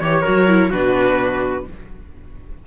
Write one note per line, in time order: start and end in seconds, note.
0.00 0.24 E3
0.00 0.24 G4
0.00 0.21 C#5
0.00 0.72 C#5
0.21 0.48 F#4
0.21 0.69 A#4
0.27 0.72 F#3
0.48 0.71 E4
0.69 1.66 B2
0.69 1.66 D4
0.69 1.64 F#4
0.69 1.66 B4